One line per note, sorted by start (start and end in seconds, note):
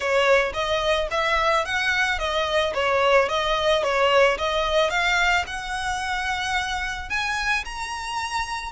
0.00 0.52 C#5
0.53 1.08 D#5
1.11 1.65 E5
1.65 2.18 F#5
2.18 2.73 D#5
2.74 3.28 C#5
3.29 3.83 D#5
3.83 4.37 C#5
4.38 4.90 D#5
4.90 5.44 F5
5.47 7.09 F#5
7.09 7.64 G#5
7.65 8.72 A#5